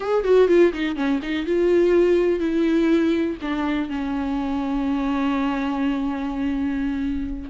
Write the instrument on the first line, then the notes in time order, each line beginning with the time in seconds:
viola
0.00 G#4
0.24 F#4
0.48 F4
0.72 D#4
0.96 C#4
1.22 D#4
1.46 F4
2.39 E4
3.41 D4
3.89 C#4